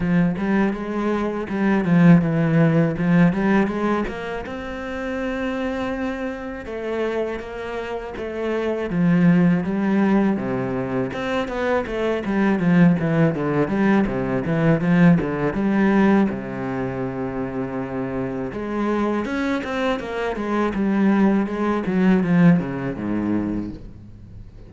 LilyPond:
\new Staff \with { instrumentName = "cello" } { \time 4/4 \tempo 4 = 81 f8 g8 gis4 g8 f8 e4 | f8 g8 gis8 ais8 c'2~ | c'4 a4 ais4 a4 | f4 g4 c4 c'8 b8 |
a8 g8 f8 e8 d8 g8 c8 e8 | f8 d8 g4 c2~ | c4 gis4 cis'8 c'8 ais8 gis8 | g4 gis8 fis8 f8 cis8 gis,4 | }